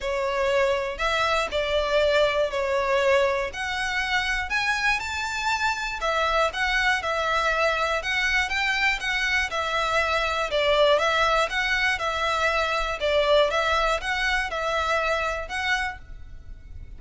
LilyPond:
\new Staff \with { instrumentName = "violin" } { \time 4/4 \tempo 4 = 120 cis''2 e''4 d''4~ | d''4 cis''2 fis''4~ | fis''4 gis''4 a''2 | e''4 fis''4 e''2 |
fis''4 g''4 fis''4 e''4~ | e''4 d''4 e''4 fis''4 | e''2 d''4 e''4 | fis''4 e''2 fis''4 | }